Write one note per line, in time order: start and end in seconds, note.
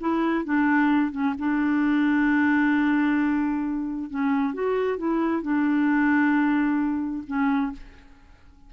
0.00 0.44 E4
0.44 1.11 D4
1.11 1.34 C#4
1.38 4.10 D4
4.10 4.54 C#4
4.54 4.98 F#4
4.98 5.42 E4
5.42 7.24 D4
7.27 7.72 C#4